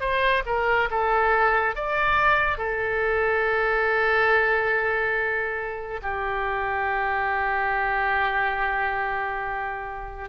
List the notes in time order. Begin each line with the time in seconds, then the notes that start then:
0.00 C5
0.46 A#4
0.91 A4
1.75 D5
2.58 A4
6.02 G4